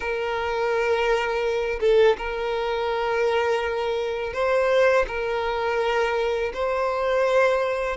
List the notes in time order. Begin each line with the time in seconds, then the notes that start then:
0.00 A#4
1.80 A4
2.17 A#4
4.33 C5
5.07 A#4
6.53 C5